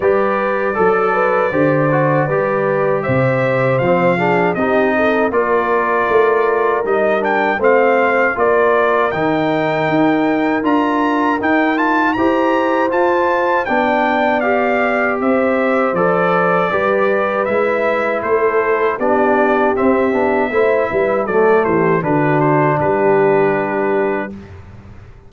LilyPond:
<<
  \new Staff \with { instrumentName = "trumpet" } { \time 4/4 \tempo 4 = 79 d''1 | e''4 f''4 dis''4 d''4~ | d''4 dis''8 g''8 f''4 d''4 | g''2 ais''4 g''8 a''8 |
ais''4 a''4 g''4 f''4 | e''4 d''2 e''4 | c''4 d''4 e''2 | d''8 c''8 b'8 c''8 b'2 | }
  \new Staff \with { instrumentName = "horn" } { \time 4/4 b'4 a'8 b'8 c''4 b'4 | c''4. gis'8 g'8 a'8 ais'4~ | ais'2 c''4 ais'4~ | ais'1 |
c''2 d''2 | c''2 b'2 | a'4 g'2 c''8 b'8 | a'8 g'8 fis'4 g'2 | }
  \new Staff \with { instrumentName = "trombone" } { \time 4/4 g'4 a'4 g'8 fis'8 g'4~ | g'4 c'8 d'8 dis'4 f'4~ | f'4 dis'8 d'8 c'4 f'4 | dis'2 f'4 dis'8 f'8 |
g'4 f'4 d'4 g'4~ | g'4 a'4 g'4 e'4~ | e'4 d'4 c'8 d'8 e'4 | a4 d'2. | }
  \new Staff \with { instrumentName = "tuba" } { \time 4/4 g4 fis4 d4 g4 | c4 f4 c'4 ais4 | a4 g4 a4 ais4 | dis4 dis'4 d'4 dis'4 |
e'4 f'4 b2 | c'4 f4 g4 gis4 | a4 b4 c'8 b8 a8 g8 | fis8 e8 d4 g2 | }
>>